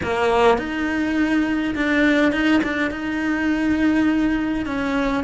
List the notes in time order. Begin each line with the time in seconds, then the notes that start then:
0.03 A#3
0.58 D#4
1.75 D4
2.32 D#4
2.63 D4
2.90 D#4
4.65 C#4